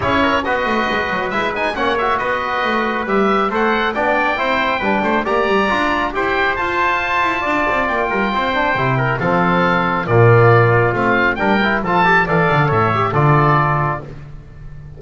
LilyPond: <<
  \new Staff \with { instrumentName = "oboe" } { \time 4/4 \tempo 4 = 137 cis''4 dis''2 e''8 gis''8 | fis''8 e''8 dis''2 e''4 | fis''4 g''2. | ais''2 g''4 a''4~ |
a''2 g''2~ | g''4 f''2 d''4~ | d''4 f''4 g''4 a''4 | f''4 e''4 d''2 | }
  \new Staff \with { instrumentName = "trumpet" } { \time 4/4 gis'8 ais'8 b'2. | cis''4 b'2. | c''4 d''4 c''4 b'8 c''8 | d''2 c''2~ |
c''4 d''4. ais'8 c''4~ | c''8 ais'8 a'2 f'4~ | f'2 ais'4 a'4 | d''4 cis''4 a'2 | }
  \new Staff \with { instrumentName = "trombone" } { \time 4/4 e'4 fis'2 e'8 dis'8 | cis'8 fis'2~ fis'8 g'4 | a'4 d'4 e'4 d'4 | g'4 f'4 g'4 f'4~ |
f'2.~ f'8 d'8 | e'4 c'2 ais4~ | ais4 c'4 d'8 e'8 f'8 g'8 | a'4. g'8 f'2 | }
  \new Staff \with { instrumentName = "double bass" } { \time 4/4 cis'4 b8 a8 gis8 fis8 gis4 | ais4 b4 a4 g4 | a4 b4 c'4 g8 a8 | ais8 g8 d'4 e'4 f'4~ |
f'8 e'8 d'8 c'8 ais8 g8 c'4 | c4 f2 ais,4~ | ais,4 a4 g4 f4 | e8 d8 a,4 d2 | }
>>